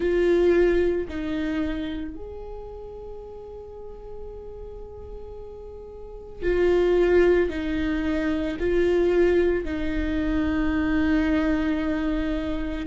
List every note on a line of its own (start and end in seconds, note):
0.00 1.07 F4
1.08 2.15 D#4
2.15 6.42 G#4
6.42 7.49 F4
7.50 8.57 D#4
8.60 9.64 F4
9.64 12.86 D#4